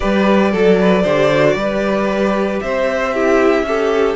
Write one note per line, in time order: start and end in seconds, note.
0.00 0.53 G3
0.00 0.52 G4
0.00 0.51 B4
0.00 2.59 D5
0.51 1.04 F#3
0.51 0.77 A4
0.51 1.05 A4
0.80 1.02 B4
1.02 1.55 D3
1.02 1.31 G4
1.02 1.55 C5
1.33 1.59 F#4
1.55 2.59 G3
1.55 3.14 G4
1.55 2.62 B4
2.61 3.62 C4
2.61 3.13 C5
2.61 4.15 E5
3.13 3.66 E4
3.13 3.66 G4
3.62 4.14 C#4
3.62 4.15 G4
3.62 4.15 A4